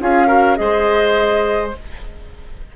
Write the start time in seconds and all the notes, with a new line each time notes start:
0.00 C#4 F4 G#4 F5
0.27 F#4 A#4
0.56 G#3 G#4 C5 D#5